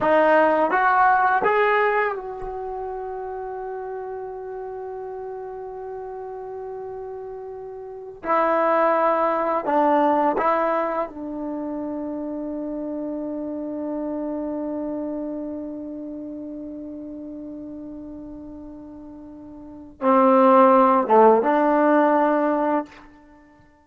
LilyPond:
\new Staff \with { instrumentName = "trombone" } { \time 4/4 \tempo 4 = 84 dis'4 fis'4 gis'4 fis'4~ | fis'1~ | fis'2.~ fis'8 e'8~ | e'4. d'4 e'4 d'8~ |
d'1~ | d'1~ | d'1 | c'4. a8 d'2 | }